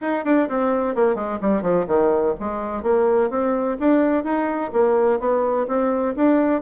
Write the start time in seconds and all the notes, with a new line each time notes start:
0.01 D#4
0.24 D4
0.49 C4
0.95 A#3
1.15 G#3
1.41 G3
1.62 F3
1.87 D#3
2.39 G#3
2.83 A#3
3.30 C4
3.79 D4
4.23 D#4
4.72 A#3
5.19 B3
5.67 C4
6.16 D4